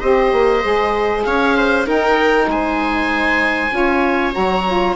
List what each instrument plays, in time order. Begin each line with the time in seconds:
0.00 bassoon C4, saxophone G4, viola C5, oboe D#5
0.33 bassoon A#3
0.62 bassoon G#3, saxophone G#4
1.24 bassoon C#4, viola C#5, oboe F5
1.57 viola C5
1.86 saxophone D#4, bassoon D#4, viola A#4, oboe G5
2.47 bassoon G#3, viola C5, oboe G#5
3.71 bassoon C#4, saxophone F4
3.77 viola C#5
4.32 bassoon F#3, saxophone F#4, oboe A#5
4.67 saxophone F4